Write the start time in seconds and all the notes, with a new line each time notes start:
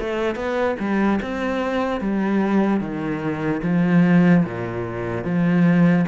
0.00 A3
0.36 B3
0.80 G3
1.22 C4
2.01 G3
2.81 D#3
3.63 F3
4.45 A#2
5.24 F3